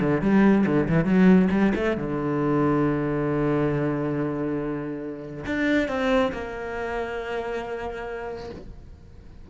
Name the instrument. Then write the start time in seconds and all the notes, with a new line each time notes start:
cello
0.00 D3
0.22 G3
0.66 D3
0.89 E3
1.05 F#3
1.51 G3
1.75 A3
1.97 D3
5.46 D4
5.88 C4
6.32 A#3